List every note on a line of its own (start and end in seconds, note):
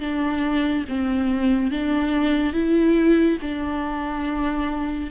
0.00 0.85 D4
0.88 1.71 C4
1.71 2.54 D4
2.54 3.38 E4
3.41 5.10 D4